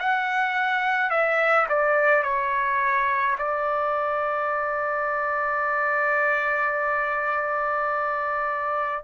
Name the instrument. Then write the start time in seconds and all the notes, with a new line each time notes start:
trumpet
0.00 F#5
1.11 E5
1.69 D5
2.23 C#5
3.39 D5